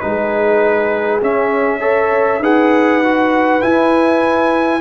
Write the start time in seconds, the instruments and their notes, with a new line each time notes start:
0.00 tuba G#3, trombone D#4, horn G#4, trumpet B4
1.22 tuba C#4, trombone C#4, trumpet E5
1.80 trombone A4, horn C#5
2.40 tuba D#4, trombone G#4, horn B4, trumpet F#5
3.03 trombone F#4
3.61 trombone E4, tuba E4, trumpet G#5